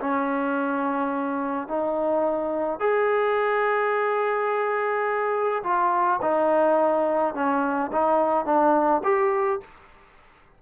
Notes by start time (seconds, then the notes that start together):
0.00 C#4
1.68 D#4
2.80 G#4
5.63 F4
6.21 D#4
7.34 C#4
7.92 D#4
8.45 D4
9.03 G4